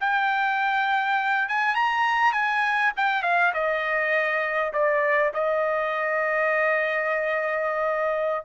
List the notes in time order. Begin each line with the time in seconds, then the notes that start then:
0.00 G5
1.49 G#5
1.75 A#5
2.33 G#5
2.97 G5
3.23 F5
3.54 D#5
4.73 D5
5.34 D#5